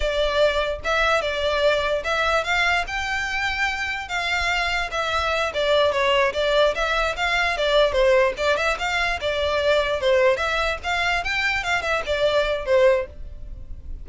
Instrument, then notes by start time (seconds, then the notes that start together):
violin
0.00 D5
0.84 E5
1.21 D5
2.03 E5
2.43 F5
2.87 G5
4.08 F5
4.91 E5
5.53 D5
5.92 C#5
6.33 D5
6.74 E5
7.16 F5
7.57 D5
7.92 C5
8.37 D5
8.56 E5
8.78 F5
9.20 D5
10.01 C5
10.37 E5
10.83 F5
11.24 G5
11.63 F5
11.81 E5
12.05 D5
12.65 C5